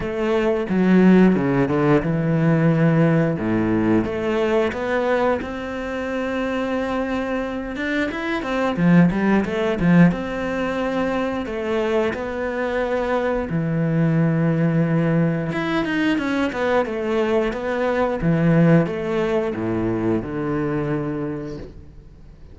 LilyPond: \new Staff \with { instrumentName = "cello" } { \time 4/4 \tempo 4 = 89 a4 fis4 cis8 d8 e4~ | e4 a,4 a4 b4 | c'2.~ c'8 d'8 | e'8 c'8 f8 g8 a8 f8 c'4~ |
c'4 a4 b2 | e2. e'8 dis'8 | cis'8 b8 a4 b4 e4 | a4 a,4 d2 | }